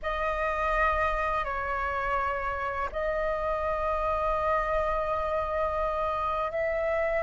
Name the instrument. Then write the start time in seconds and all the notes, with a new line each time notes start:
flute
0.02 D#5
1.44 C#5
2.91 D#5
6.51 E5